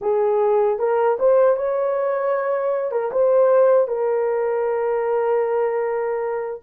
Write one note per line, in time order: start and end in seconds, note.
0.01 0.78 G#4
0.78 1.17 A#4
1.19 1.56 C5
1.56 2.91 C#5
2.91 3.11 A#4
3.11 3.87 C5
3.87 6.60 A#4